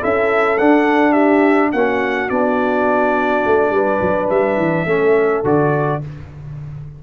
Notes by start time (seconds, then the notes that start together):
0.00 C#4 E4 A4 E5
0.58 D4 F#5
1.12 G4 E5
1.72 A#3 C#4 F#4 F#5
2.29 B3 D4 D5
3.45 A3
3.70 G3 B4
4.01 F#3
4.29 G3 E5
4.57 E3
4.85 A3 C#4 A4
5.44 D3 F#4 D5